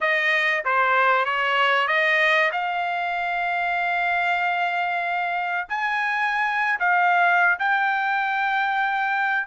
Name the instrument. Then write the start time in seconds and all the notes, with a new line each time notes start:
trumpet
0.00 D#5
0.65 C5
1.25 C#5
1.87 D#5
2.51 F5
5.68 G#5
6.79 F5
7.59 G5